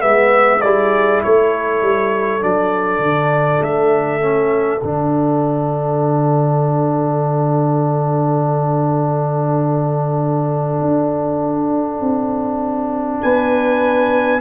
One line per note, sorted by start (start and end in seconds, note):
0.00 0.64 G#3
0.00 0.60 B3
0.00 0.61 E5
0.00 0.64 E5
0.61 1.24 G3
0.61 2.41 E4
0.61 1.25 G#4
0.61 1.22 D5
1.24 1.82 A3
1.24 13.23 A4
1.24 2.43 C#5
1.82 2.42 G3
2.41 2.99 F#3
2.41 4.21 D4
2.41 3.63 D5
2.99 3.59 D3
3.61 4.81 A3
3.61 4.83 E5
4.21 4.81 C#4
4.83 10.81 D3
4.83 14.41 D4
4.83 13.22 F#5
10.81 12.01 D4
12.01 13.21 C4
13.22 14.41 B3
13.22 14.41 B4
13.22 14.41 G#5